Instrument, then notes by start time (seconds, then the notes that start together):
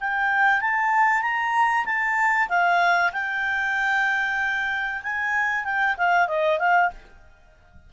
clarinet
0.00 G5
0.61 A5
1.21 A#5
1.85 A5
2.49 F5
3.12 G5
5.03 G#5
5.64 G5
5.97 F5
6.28 D#5
6.59 F5